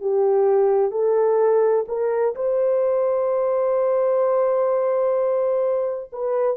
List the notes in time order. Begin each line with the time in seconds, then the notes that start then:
0.00 G4
0.91 A4
1.88 A#4
2.35 C5
6.12 B4